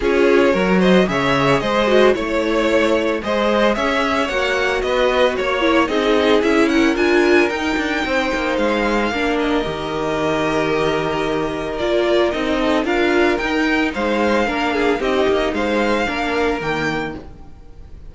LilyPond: <<
  \new Staff \with { instrumentName = "violin" } { \time 4/4 \tempo 4 = 112 cis''4. dis''8 e''4 dis''4 | cis''2 dis''4 e''4 | fis''4 dis''4 cis''4 dis''4 | e''8 fis''8 gis''4 g''2 |
f''4. dis''2~ dis''8~ | dis''2 d''4 dis''4 | f''4 g''4 f''2 | dis''4 f''2 g''4 | }
  \new Staff \with { instrumentName = "violin" } { \time 4/4 gis'4 ais'8 c''8 cis''4 c''4 | cis''2 c''4 cis''4~ | cis''4 b'4 cis''4 gis'4~ | gis'8 ais'2~ ais'8 c''4~ |
c''4 ais'2.~ | ais'2.~ ais'8 a'8 | ais'2 c''4 ais'8 gis'8 | g'4 c''4 ais'2 | }
  \new Staff \with { instrumentName = "viola" } { \time 4/4 f'4 fis'4 gis'4. fis'8 | e'2 gis'2 | fis'2~ fis'8 e'8 dis'4 | e'4 f'4 dis'2~ |
dis'4 d'4 g'2~ | g'2 f'4 dis'4 | f'4 dis'2 d'4 | dis'2 d'4 ais4 | }
  \new Staff \with { instrumentName = "cello" } { \time 4/4 cis'4 fis4 cis4 gis4 | a2 gis4 cis'4 | ais4 b4 ais4 c'4 | cis'4 d'4 dis'8 d'8 c'8 ais8 |
gis4 ais4 dis2~ | dis2 ais4 c'4 | d'4 dis'4 gis4 ais4 | c'8 ais8 gis4 ais4 dis4 | }
>>